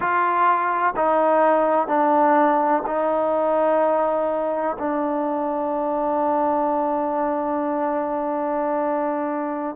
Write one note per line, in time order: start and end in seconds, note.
0.00 0.94 F4
0.96 1.87 D#4
1.87 2.83 D4
2.86 4.76 D#4
4.79 9.75 D4